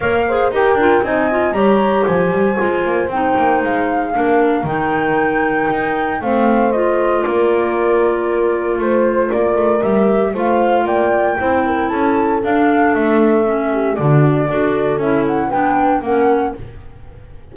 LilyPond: <<
  \new Staff \with { instrumentName = "flute" } { \time 4/4 \tempo 4 = 116 f''4 g''4 gis''4 ais''4 | gis''2 g''4 f''4~ | f''4 g''2. | f''4 dis''4 d''2~ |
d''4 c''4 d''4 e''4 | f''4 g''2 a''4 | f''4 e''2 d''4~ | d''4 e''8 fis''8 g''4 fis''4 | }
  \new Staff \with { instrumentName = "horn" } { \time 4/4 cis''8 c''8 ais'4 dis''4 cis''4 | c''1 | ais'1 | c''2 ais'2~ |
ais'4 c''4 ais'2 | c''4 d''4 c''8 ais'8 a'4~ | a'2~ a'8 g'8 fis'4 | a'2 b'4 ais'4 | }
  \new Staff \with { instrumentName = "clarinet" } { \time 4/4 ais'8 gis'8 g'8 f'8 dis'8 f'8 g'4~ | g'4 f'4 dis'2 | d'4 dis'2. | c'4 f'2.~ |
f'2. g'4 | f'2 e'2 | d'2 cis'4 d'4 | fis'4 e'4 d'4 cis'4 | }
  \new Staff \with { instrumentName = "double bass" } { \time 4/4 ais4 dis'8 d'8 c'4 g4 | f8 g8 gis8 ais8 c'8 ais8 gis4 | ais4 dis2 dis'4 | a2 ais2~ |
ais4 a4 ais8 a8 g4 | a4 ais4 c'4 cis'4 | d'4 a2 d4 | d'4 cis'4 b4 ais4 | }
>>